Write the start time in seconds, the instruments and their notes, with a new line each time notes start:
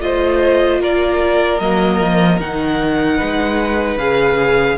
0.00 cello A3, viola F4, violin C5 D#5
0.80 cello A#3, violin A#4 D5
1.60 cello F#3, viola A#3, violin D#5
2.00 cello F3
2.40 cello D#3, viola D#4, violin F#5
3.17 cello G#3, violin B4
3.97 cello C#3, viola G#4, violin F5